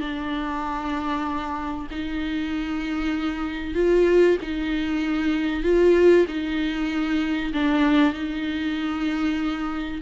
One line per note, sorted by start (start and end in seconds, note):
0.00 1.88 D4
1.90 3.74 D#4
3.74 4.37 F4
4.41 5.63 D#4
5.63 6.26 F4
6.28 7.53 D#4
7.53 8.13 D4
8.13 10.01 D#4